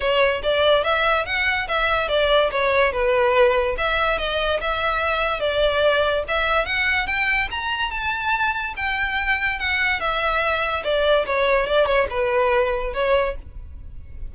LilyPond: \new Staff \with { instrumentName = "violin" } { \time 4/4 \tempo 4 = 144 cis''4 d''4 e''4 fis''4 | e''4 d''4 cis''4 b'4~ | b'4 e''4 dis''4 e''4~ | e''4 d''2 e''4 |
fis''4 g''4 ais''4 a''4~ | a''4 g''2 fis''4 | e''2 d''4 cis''4 | d''8 cis''8 b'2 cis''4 | }